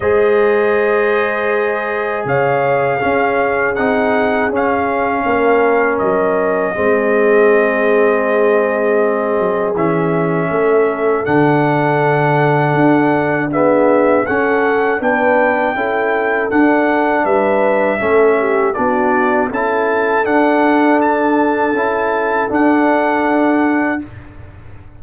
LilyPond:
<<
  \new Staff \with { instrumentName = "trumpet" } { \time 4/4 \tempo 4 = 80 dis''2. f''4~ | f''4 fis''4 f''2 | dis''1~ | dis''4 e''2 fis''4~ |
fis''2 e''4 fis''4 | g''2 fis''4 e''4~ | e''4 d''4 a''4 fis''4 | a''2 fis''2 | }
  \new Staff \with { instrumentName = "horn" } { \time 4/4 c''2. cis''4 | gis'2. ais'4~ | ais'4 gis'2.~ | gis'2 a'2~ |
a'2 gis'4 a'4 | b'4 a'2 b'4 | a'8 g'8 fis'4 a'2~ | a'1 | }
  \new Staff \with { instrumentName = "trombone" } { \time 4/4 gis'1 | cis'4 dis'4 cis'2~ | cis'4 c'2.~ | c'4 cis'2 d'4~ |
d'2 b4 cis'4 | d'4 e'4 d'2 | cis'4 d'4 e'4 d'4~ | d'4 e'4 d'2 | }
  \new Staff \with { instrumentName = "tuba" } { \time 4/4 gis2. cis4 | cis'4 c'4 cis'4 ais4 | fis4 gis2.~ | gis8 fis8 e4 a4 d4~ |
d4 d'2 cis'4 | b4 cis'4 d'4 g4 | a4 b4 cis'4 d'4~ | d'4 cis'4 d'2 | }
>>